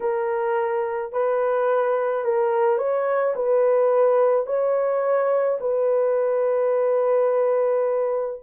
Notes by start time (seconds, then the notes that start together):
0.00 A#4
1.12 B4
2.24 A#4
2.78 C#5
3.35 B4
4.46 C#5
5.60 B4